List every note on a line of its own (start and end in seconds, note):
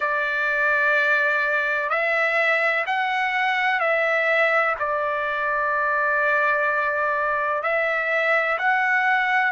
0.00 1.89 D5
1.89 2.84 E5
2.86 3.80 F#5
3.80 4.75 E5
4.79 7.62 D5
7.62 8.58 E5
8.58 9.52 F#5